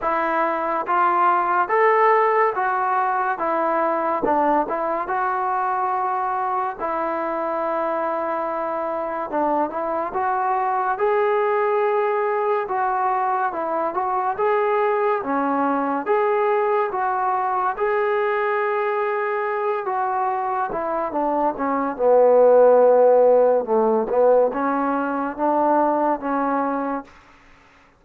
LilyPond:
\new Staff \with { instrumentName = "trombone" } { \time 4/4 \tempo 4 = 71 e'4 f'4 a'4 fis'4 | e'4 d'8 e'8 fis'2 | e'2. d'8 e'8 | fis'4 gis'2 fis'4 |
e'8 fis'8 gis'4 cis'4 gis'4 | fis'4 gis'2~ gis'8 fis'8~ | fis'8 e'8 d'8 cis'8 b2 | a8 b8 cis'4 d'4 cis'4 | }